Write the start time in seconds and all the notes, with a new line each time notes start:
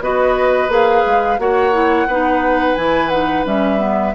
0.00 B3 F#4 B4 D#5
0.69 A#3 G#4 F5
1.06 G#3
1.39 A#3 F#4 C#5 F#5
1.73 E4
2.07 B3 D#4 B4
2.75 E3 E4 G#5
3.09 D#4 F#5
3.46 G3 C#4 E5
3.79 B3